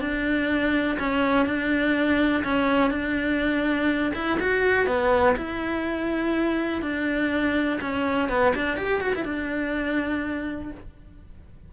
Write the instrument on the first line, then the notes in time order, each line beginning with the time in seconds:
cello
0.00 D4
0.99 C#4
1.46 D4
2.44 C#4
2.90 D4
4.14 E4
4.40 F#4
4.86 B3
5.36 E4
6.81 D4
7.81 C#4
8.29 B3
8.55 D4
8.77 G4
9.01 F#4
9.15 E4
9.24 D4